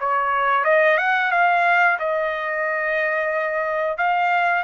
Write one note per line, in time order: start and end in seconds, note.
0.00 0.65 C#5
0.65 0.98 D#5
0.98 1.31 F#5
1.32 1.98 F5
1.99 3.98 D#5
3.98 4.64 F5